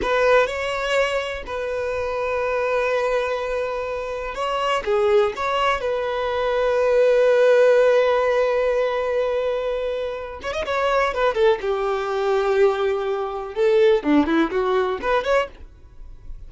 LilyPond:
\new Staff \with { instrumentName = "violin" } { \time 4/4 \tempo 4 = 124 b'4 cis''2 b'4~ | b'1~ | b'4 cis''4 gis'4 cis''4 | b'1~ |
b'1~ | b'4. cis''16 dis''16 cis''4 b'8 a'8 | g'1 | a'4 d'8 e'8 fis'4 b'8 cis''8 | }